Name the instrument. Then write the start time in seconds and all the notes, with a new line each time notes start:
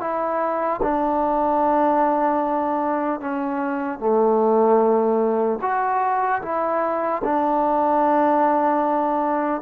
trombone
0.00 E4
0.82 D4
3.20 C#4
3.99 A3
5.61 F#4
6.42 E4
7.24 D4